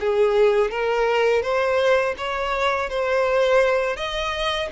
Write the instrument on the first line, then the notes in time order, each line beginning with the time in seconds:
violin
0.00 G#4
0.71 A#4
1.43 C5
2.18 C#5
2.89 C5
3.97 D#5